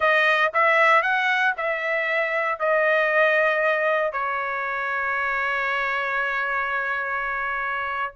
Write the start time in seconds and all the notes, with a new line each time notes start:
0.00 D#5
0.53 E5
1.02 F#5
1.57 E5
2.59 D#5
4.12 C#5